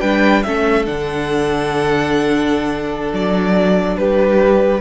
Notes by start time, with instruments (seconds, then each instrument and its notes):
0.00 cello G3, viola D4, violin B4 G5
0.42 cello A3, viola C#4, violin A4 E5
0.85 cello D3, viola D4, violin F#5
3.12 cello F#3, violin D5
3.97 cello G3, violin G4 B4